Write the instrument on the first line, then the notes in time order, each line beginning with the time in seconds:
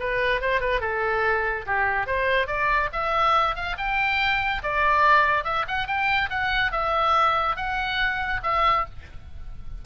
oboe
0.00 B4
0.41 C5
0.61 B4
0.81 A4
1.67 G4
2.07 C5
2.47 D5
2.93 E5
3.56 F5
3.78 G5
4.63 D5
5.44 E5
5.68 F#5
5.87 G5
6.30 F#5
6.72 E5
7.57 F#5
8.43 E5